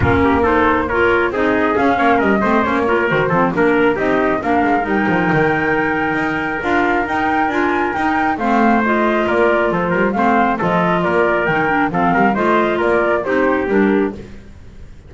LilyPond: <<
  \new Staff \with { instrumentName = "flute" } { \time 4/4 \tempo 4 = 136 ais'4 c''4 cis''4 dis''4 | f''4 dis''4 cis''4 c''4 | ais'4 dis''4 f''4 g''4~ | g''2. f''4 |
g''4 gis''4 g''4 f''4 | dis''4 d''4 c''4 f''4 | dis''4 d''4 g''4 f''4 | dis''4 d''4 c''4 ais'4 | }
  \new Staff \with { instrumentName = "trumpet" } { \time 4/4 f'8 g'8 a'4 ais'4 gis'4~ | gis'8 cis''8 ais'8 c''4 ais'4 a'8 | ais'4 g'4 ais'2~ | ais'1~ |
ais'2. c''4~ | c''4 ais'4 a'8 ais'8 c''4 | a'4 ais'2 a'8 ais'8 | c''4 ais'4 g'2 | }
  \new Staff \with { instrumentName = "clarinet" } { \time 4/4 cis'4 dis'4 f'4 dis'4 | cis'4. c'8 cis'8 f'8 fis'8 c'8 | d'4 dis'4 d'4 dis'4~ | dis'2. f'4 |
dis'4 f'4 dis'4 c'4 | f'2. c'4 | f'2 dis'8 d'8 c'4 | f'2 dis'4 d'4 | }
  \new Staff \with { instrumentName = "double bass" } { \time 4/4 ais2. c'4 | cis'8 ais8 g8 a8 ais4 dis8 f8 | ais4 c'4 ais8 gis8 g8 f8 | dis2 dis'4 d'4 |
dis'4 d'4 dis'4 a4~ | a4 ais4 f8 g8 a4 | f4 ais4 dis4 f8 g8 | a4 ais4 c'4 g4 | }
>>